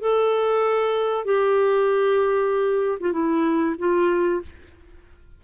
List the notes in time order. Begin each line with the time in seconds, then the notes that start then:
0.00 A4
1.25 G4
3.00 F4
3.12 E4
3.78 F4